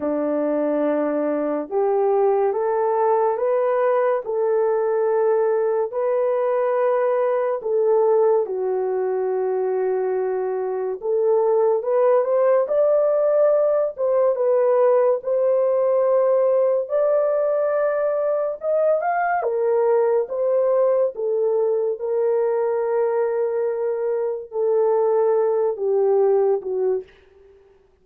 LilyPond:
\new Staff \with { instrumentName = "horn" } { \time 4/4 \tempo 4 = 71 d'2 g'4 a'4 | b'4 a'2 b'4~ | b'4 a'4 fis'2~ | fis'4 a'4 b'8 c''8 d''4~ |
d''8 c''8 b'4 c''2 | d''2 dis''8 f''8 ais'4 | c''4 a'4 ais'2~ | ais'4 a'4. g'4 fis'8 | }